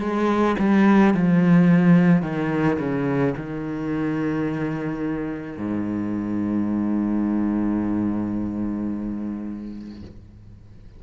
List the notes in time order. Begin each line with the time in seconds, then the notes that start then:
0.00 G#3
0.59 G3
1.14 F3
2.22 D#3
2.79 C#3
3.37 D#3
5.57 G#2